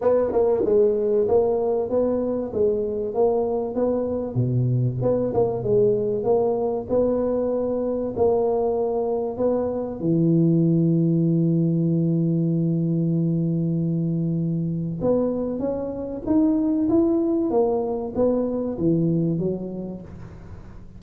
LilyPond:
\new Staff \with { instrumentName = "tuba" } { \time 4/4 \tempo 4 = 96 b8 ais8 gis4 ais4 b4 | gis4 ais4 b4 b,4 | b8 ais8 gis4 ais4 b4~ | b4 ais2 b4 |
e1~ | e1 | b4 cis'4 dis'4 e'4 | ais4 b4 e4 fis4 | }